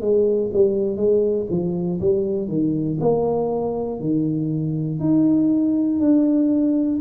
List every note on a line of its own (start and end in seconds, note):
0.00 0.50 G#3
0.53 0.96 G3
0.96 1.46 G#3
1.50 2.00 F3
2.00 2.48 G3
2.48 2.98 D#3
3.00 4.00 A#3
4.00 4.99 D#3
4.99 5.99 D#4
6.00 7.00 D4